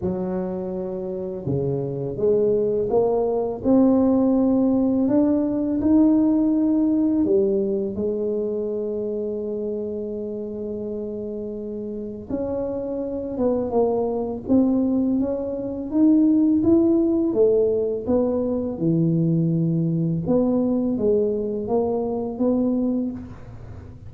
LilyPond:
\new Staff \with { instrumentName = "tuba" } { \time 4/4 \tempo 4 = 83 fis2 cis4 gis4 | ais4 c'2 d'4 | dis'2 g4 gis4~ | gis1~ |
gis4 cis'4. b8 ais4 | c'4 cis'4 dis'4 e'4 | a4 b4 e2 | b4 gis4 ais4 b4 | }